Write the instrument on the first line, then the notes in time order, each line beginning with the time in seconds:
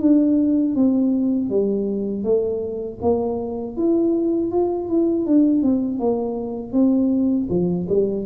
tuba
0.00 D4
0.75 C4
1.49 G3
2.24 A3
3.02 A#3
3.77 E4
4.52 F4
4.89 E4
5.26 D4
5.62 C4
5.99 A#3
6.73 C4
7.49 F3
7.89 G3